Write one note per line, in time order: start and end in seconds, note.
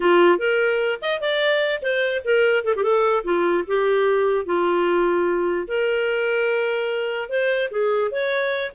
0.00 0.38 F4
0.38 0.99 A#4
1.01 1.21 D#5
1.21 1.81 D5
1.81 2.22 C5
2.24 2.64 A#4
2.64 2.74 A4
2.76 2.83 G4
2.83 3.23 A4
3.24 3.64 F4
3.67 4.45 G4
4.45 5.67 F4
5.67 7.29 A#4
7.29 7.69 C5
7.70 8.11 G#4
8.11 8.72 C#5